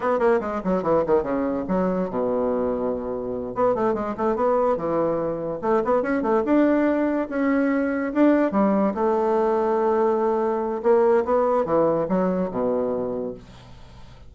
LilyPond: \new Staff \with { instrumentName = "bassoon" } { \time 4/4 \tempo 4 = 144 b8 ais8 gis8 fis8 e8 dis8 cis4 | fis4 b,2.~ | b,8 b8 a8 gis8 a8 b4 e8~ | e4. a8 b8 cis'8 a8 d'8~ |
d'4. cis'2 d'8~ | d'8 g4 a2~ a8~ | a2 ais4 b4 | e4 fis4 b,2 | }